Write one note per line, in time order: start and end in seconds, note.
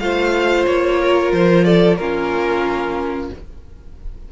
0.00 0.67 A3
0.00 1.99 F4
0.00 1.01 C5
0.00 0.66 F5
0.66 1.32 A#3
0.66 1.32 C#5
1.01 1.66 A#4
1.32 1.98 F3
1.32 1.65 C5
1.65 1.99 A4
1.65 1.97 D5
1.97 3.30 A#3
1.97 3.32 C#4
1.97 3.32 F4
1.97 3.29 A#4